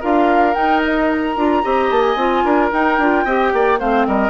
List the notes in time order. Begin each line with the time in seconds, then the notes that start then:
0.00 D4 F4 A#4 F5
0.54 D#4 G5
0.84 D#5
1.12 A#5
1.36 D4 F4
1.63 C4 G4 D#5
1.91 A#3 A5
2.01 G#5
2.16 C4 F4
2.45 D4 A#4
2.72 D#4 G5
2.98 D4 F4
3.25 C4 G4 D#5
3.53 A#3 D5
3.78 A3 C4 C5 F5
4.07 G3 A#4 D#5